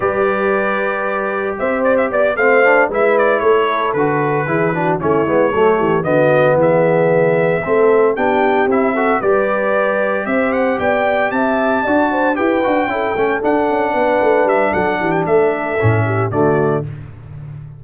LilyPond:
<<
  \new Staff \with { instrumentName = "trumpet" } { \time 4/4 \tempo 4 = 114 d''2. e''8 d''16 e''16 | d''8 f''4 e''8 d''8 cis''4 b'8~ | b'4. cis''2 dis''8~ | dis''8 e''2. g''8~ |
g''8 e''4 d''2 e''8 | fis''8 g''4 a''2 g''8~ | g''4. fis''2 e''8 | fis''8. g''16 e''2 d''4 | }
  \new Staff \with { instrumentName = "horn" } { \time 4/4 b'2. c''4 | d''8 c''4 b'4 a'4.~ | a'8 gis'8 fis'8 e'4 a'8 g'8 fis'8~ | fis'8 gis'2 a'4 g'8~ |
g'4 a'8 b'2 c''8~ | c''8 d''4 e''4 d''8 c''8 b'8~ | b'8 a'2 b'4. | a'8 g'8 a'4. g'8 fis'4 | }
  \new Staff \with { instrumentName = "trombone" } { \time 4/4 g'1~ | g'8 c'8 d'8 e'2 fis'8~ | fis'8 e'8 d'8 cis'8 b8 a4 b8~ | b2~ b8 c'4 d'8~ |
d'8 e'8 fis'8 g'2~ g'8~ | g'2~ g'8 fis'4 g'8 | fis'8 e'8 cis'8 d'2~ d'8~ | d'2 cis'4 a4 | }
  \new Staff \with { instrumentName = "tuba" } { \time 4/4 g2. c'4 | b8 a4 gis4 a4 d8~ | d8 e4 a8 gis8 fis8 e8 d8~ | d8 e2 a4 b8~ |
b8 c'4 g2 c'8~ | c'8 b4 c'4 d'4 e'8 | d'8 cis'8 a8 d'8 cis'8 b8 a8 g8 | fis8 e8 a4 a,4 d4 | }
>>